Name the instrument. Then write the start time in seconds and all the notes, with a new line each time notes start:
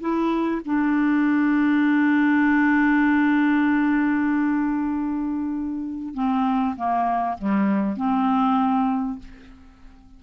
clarinet
0.00 E4
0.65 D4
6.14 C4
6.76 A#3
7.38 G3
7.96 C4